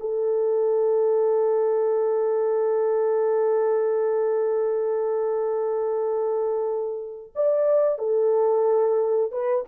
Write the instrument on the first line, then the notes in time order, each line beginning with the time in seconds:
horn
0.00 A4
7.35 D5
7.98 A4
9.32 B4